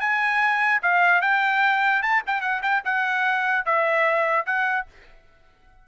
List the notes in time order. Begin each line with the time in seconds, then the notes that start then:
0.00 G#5
0.82 F5
1.21 G5
2.02 A5
2.26 G5
2.41 F#5
2.62 G5
2.85 F#5
3.65 E5
4.46 F#5